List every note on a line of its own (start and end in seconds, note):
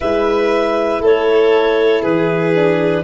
0.00 1.00 G#3
0.00 2.54 E4
0.00 1.01 B4
0.00 1.02 E5
1.00 2.01 A3
1.00 2.02 A4
1.00 2.02 C#5
2.02 3.03 E3
2.02 3.03 G#4
2.02 3.03 B4
2.54 3.03 D4